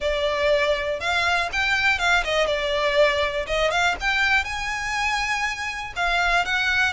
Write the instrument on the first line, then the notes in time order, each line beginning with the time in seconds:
violin
0.00 D5
0.99 F5
1.52 G5
1.99 F5
2.24 D#5
2.47 D5
3.46 D#5
3.71 F5
4.00 G5
4.44 G#5
5.96 F5
6.45 F#5